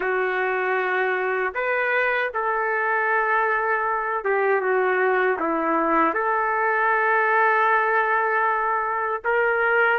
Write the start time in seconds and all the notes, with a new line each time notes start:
0.00 F#4
1.54 B4
2.34 A4
4.24 G4
4.61 F#4
5.39 E4
6.14 A4
9.24 A#4